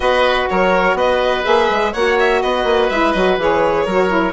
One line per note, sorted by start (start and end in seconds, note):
0.00 0.47 B3
0.00 1.44 F#4
0.00 0.49 B4
0.00 0.47 D#5
0.49 0.94 F#3
0.49 0.96 A#4
0.49 0.97 C#5
0.94 1.42 B3
0.94 1.92 B4
0.94 1.45 D#5
1.44 1.69 A#3
1.44 1.92 G#4
1.44 1.93 E5
1.69 1.94 G#3
1.92 2.43 A#3
1.92 2.92 F#4
1.92 2.41 C#5
1.92 2.17 F#5
2.19 2.42 E5
2.42 2.64 B3
2.42 3.85 B4
2.42 2.89 D#5
2.64 2.88 A#3
2.89 3.14 G#3
2.89 3.16 E4
2.89 3.12 E5
3.12 3.37 F#3
3.12 3.39 F#4
3.12 3.36 D#5
3.37 3.85 E3
3.37 3.88 G#4
3.37 4.33 C#5
3.85 4.33 F#3
3.85 4.08 F#4
3.85 4.33 A#4
4.08 4.32 E4